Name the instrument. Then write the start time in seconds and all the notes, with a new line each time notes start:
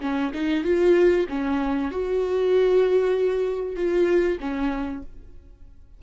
viola
0.00 C#4
0.33 D#4
0.64 F4
1.28 C#4
1.91 F#4
3.76 F4
4.39 C#4